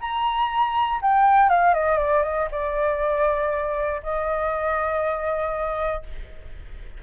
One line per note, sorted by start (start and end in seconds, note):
0.00 1.00 A#5
1.01 1.49 G5
1.49 1.73 F5
1.73 1.98 D#5
1.98 2.23 D5
2.23 2.48 D#5
2.51 4.01 D5
4.02 6.02 D#5